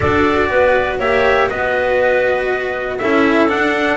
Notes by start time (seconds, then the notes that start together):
0.00 D4 F#4 A4 D5
0.49 B3 B4
0.99 A#3 G4 C#5 E5
1.49 B3 F#4 B4 D#5
2.98 C#4 E4 A4 E5
3.48 D4 F#5